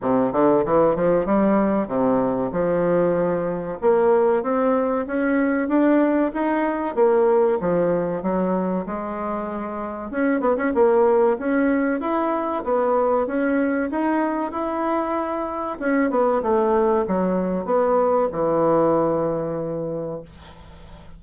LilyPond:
\new Staff \with { instrumentName = "bassoon" } { \time 4/4 \tempo 4 = 95 c8 d8 e8 f8 g4 c4 | f2 ais4 c'4 | cis'4 d'4 dis'4 ais4 | f4 fis4 gis2 |
cis'8 b16 cis'16 ais4 cis'4 e'4 | b4 cis'4 dis'4 e'4~ | e'4 cis'8 b8 a4 fis4 | b4 e2. | }